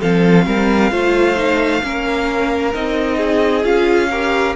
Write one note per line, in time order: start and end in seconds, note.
0.00 0.46 F3
0.00 0.91 C4
0.00 0.45 A4
0.00 2.74 F5
0.46 0.92 G3
0.46 0.92 A#4
0.91 1.83 A3
0.91 1.36 F4
0.91 1.83 C5
1.36 1.82 D#4
1.82 2.74 A#3
1.82 2.73 C#4
1.82 3.17 A#4
2.74 3.65 C4
2.74 3.64 D#4
2.74 3.65 D#5
3.17 4.08 G#4
3.64 4.55 C#4
3.64 4.09 F4
3.64 4.56 F5
4.11 4.56 G4
4.11 4.56 A#4